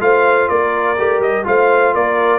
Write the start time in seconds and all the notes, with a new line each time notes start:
0.00 A3 F4 C5 F5
0.49 A#3 A#4 D5
0.98 A3 G4
1.19 G3 D#5
1.44 A3 F4 C5 F5
1.94 A#3 A#4 D5